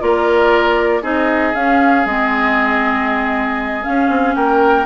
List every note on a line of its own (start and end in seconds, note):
0.00 1.03 A#3
0.00 1.02 F4
0.00 1.02 A#4
0.00 1.03 D5
1.02 1.54 C4
1.02 1.54 D#4
1.02 4.36 G#4
1.02 1.55 D#5
1.54 2.06 C#4
1.54 2.06 F5
2.06 3.85 G#3
2.06 3.83 C4
2.06 3.84 D#5
3.83 4.86 C#4
3.83 4.09 C#4
3.83 4.35 F5
4.09 4.35 C4
4.35 4.86 A#3
4.35 4.86 A#4
4.35 4.86 G5